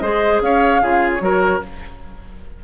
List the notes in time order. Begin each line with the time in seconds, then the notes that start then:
0.00 G#3 G#4 C5 D#5
0.41 C#4 C#5 F5
0.81 C#3 F4 G#4
1.12 C#5
1.19 F#3 F#4 A#4